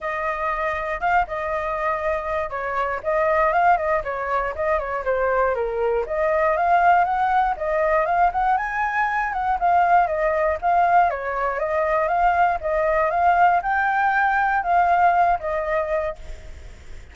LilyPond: \new Staff \with { instrumentName = "flute" } { \time 4/4 \tempo 4 = 119 dis''2 f''8 dis''4.~ | dis''4 cis''4 dis''4 f''8 dis''8 | cis''4 dis''8 cis''8 c''4 ais'4 | dis''4 f''4 fis''4 dis''4 |
f''8 fis''8 gis''4. fis''8 f''4 | dis''4 f''4 cis''4 dis''4 | f''4 dis''4 f''4 g''4~ | g''4 f''4. dis''4. | }